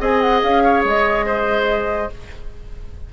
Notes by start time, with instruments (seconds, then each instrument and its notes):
0.00 bassoon C4, clarinet G#4, oboe D#5, flute G#5
0.21 flute F#5
0.43 bassoon C#4, flute F5
0.64 oboe C#5
0.85 bassoon G#3, flute D#5
1.26 oboe C5